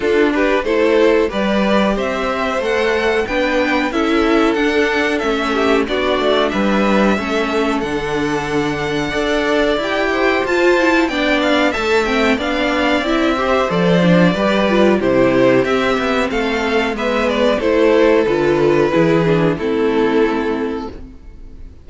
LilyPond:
<<
  \new Staff \with { instrumentName = "violin" } { \time 4/4 \tempo 4 = 92 a'8 b'8 c''4 d''4 e''4 | fis''4 g''4 e''4 fis''4 | e''4 d''4 e''2 | fis''2. g''4 |
a''4 g''8 f''8 a''8 g''8 f''4 | e''4 d''2 c''4 | e''4 f''4 e''8 d''8 c''4 | b'2 a'2 | }
  \new Staff \with { instrumentName = "violin" } { \time 4/4 f'8 g'8 a'4 b'4 c''4~ | c''4 b'4 a'2~ | a'8 g'8 fis'4 b'4 a'4~ | a'2 d''4. c''8~ |
c''4 d''4 e''4 d''4~ | d''8 c''4. b'4 g'4~ | g'4 a'4 b'4 a'4~ | a'4 gis'4 e'2 | }
  \new Staff \with { instrumentName = "viola" } { \time 4/4 d'4 e'4 g'2 | a'4 d'4 e'4 d'4 | cis'4 d'2 cis'4 | d'2 a'4 g'4 |
f'8 e'8 d'4 a'8 c'8 d'4 | e'8 g'8 a'8 d'8 g'8 f'8 e'4 | c'2 b4 e'4 | f'4 e'8 d'8 c'2 | }
  \new Staff \with { instrumentName = "cello" } { \time 4/4 d'4 a4 g4 c'4 | a4 b4 cis'4 d'4 | a4 b8 a8 g4 a4 | d2 d'4 e'4 |
f'4 b4 a4 b4 | c'4 f4 g4 c4 | c'8 b8 a4 gis4 a4 | d4 e4 a2 | }
>>